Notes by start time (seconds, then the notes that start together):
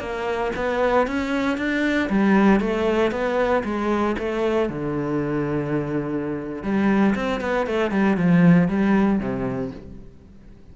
0.00 A#3
0.56 B3
1.07 C#4
1.58 D4
2.09 G3
2.60 A3
3.12 B3
3.64 G#3
4.19 A3
4.70 D3
6.63 G3
7.15 C4
7.41 B3
7.67 A3
7.91 G3
8.17 F3
8.68 G3
9.19 C3